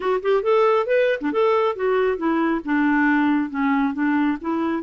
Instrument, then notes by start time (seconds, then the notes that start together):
clarinet
0.00 F#4
0.22 G4
0.42 A4
0.86 B4
1.20 D4
1.32 A4
1.75 F#4
2.17 E4
2.65 D4
3.50 C#4
3.93 D4
4.41 E4